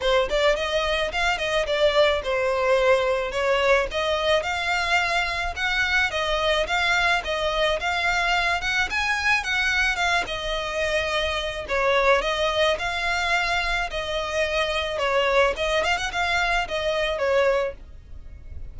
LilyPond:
\new Staff \with { instrumentName = "violin" } { \time 4/4 \tempo 4 = 108 c''8 d''8 dis''4 f''8 dis''8 d''4 | c''2 cis''4 dis''4 | f''2 fis''4 dis''4 | f''4 dis''4 f''4. fis''8 |
gis''4 fis''4 f''8 dis''4.~ | dis''4 cis''4 dis''4 f''4~ | f''4 dis''2 cis''4 | dis''8 f''16 fis''16 f''4 dis''4 cis''4 | }